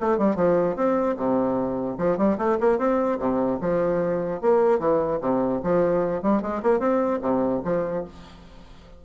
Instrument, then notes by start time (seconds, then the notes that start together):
bassoon
0.00 A3
0.18 G3
0.36 F3
0.76 C4
1.17 C3
1.98 F3
2.17 G3
2.38 A3
2.60 A#3
2.78 C4
3.19 C3
3.61 F3
4.41 A#3
4.79 E3
5.21 C3
5.63 F3
6.22 G3
6.42 G#3
6.63 A#3
6.80 C4
7.22 C3
7.64 F3